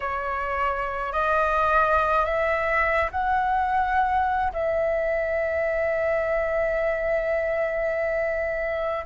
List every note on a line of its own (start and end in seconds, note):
0.00 1.12 C#5
1.12 2.25 D#5
2.25 3.10 E5
3.11 4.52 F#5
4.53 9.05 E5